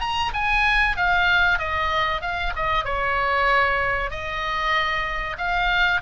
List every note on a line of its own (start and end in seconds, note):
0.00 0.32 A#5
0.33 0.96 G#5
0.96 1.58 F5
1.58 2.21 D#5
2.21 2.53 F5
2.56 2.84 D#5
2.84 4.10 C#5
4.10 5.37 D#5
5.37 6.01 F5